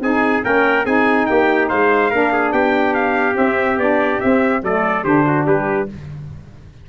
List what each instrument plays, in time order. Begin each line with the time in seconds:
0.00 tuba C4, saxophone D#4, trumpet G#4 G#5
0.43 tuba A#3, saxophone C#4, trumpet A#4 G5
0.85 tuba C4, saxophone D#4, trumpet G#4 G#5
1.26 tuba A#3, trumpet G4 G5
1.69 tuba G#3, trumpet C5 F5
2.10 tuba A#3, saxophone D4, trumpet A#4
2.33 trumpet G#4
2.52 tuba B3, trumpet G4 G5
2.94 trumpet F5
3.33 saxophone C4, tuba C4, trumpet E5
3.77 tuba B3, saxophone D4, trumpet D5
4.20 saxophone C4, tuba C4, trumpet E5
4.62 tuba F#3, saxophone A3, trumpet A4 D5
5.04 tuba D3, saxophone D4, trumpet G4 C5
5.26 trumpet F#4
5.47 tuba G3, trumpet G4 B4